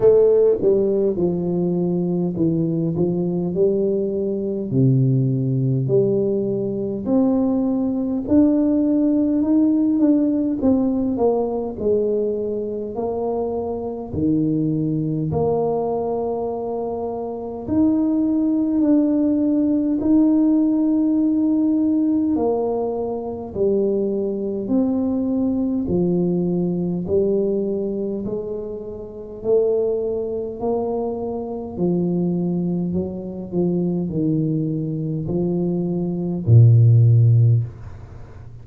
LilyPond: \new Staff \with { instrumentName = "tuba" } { \time 4/4 \tempo 4 = 51 a8 g8 f4 e8 f8 g4 | c4 g4 c'4 d'4 | dis'8 d'8 c'8 ais8 gis4 ais4 | dis4 ais2 dis'4 |
d'4 dis'2 ais4 | g4 c'4 f4 g4 | gis4 a4 ais4 f4 | fis8 f8 dis4 f4 ais,4 | }